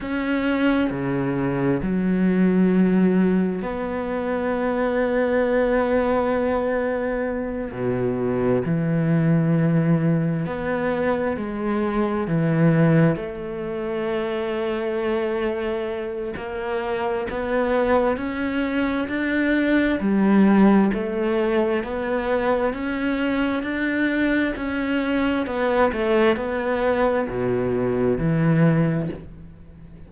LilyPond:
\new Staff \with { instrumentName = "cello" } { \time 4/4 \tempo 4 = 66 cis'4 cis4 fis2 | b1~ | b8 b,4 e2 b8~ | b8 gis4 e4 a4.~ |
a2 ais4 b4 | cis'4 d'4 g4 a4 | b4 cis'4 d'4 cis'4 | b8 a8 b4 b,4 e4 | }